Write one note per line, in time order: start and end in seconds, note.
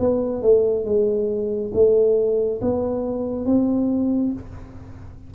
0.00 0.42 B3
0.42 0.85 A3
0.85 1.72 G#3
1.74 2.60 A3
2.62 3.46 B3
3.46 4.33 C4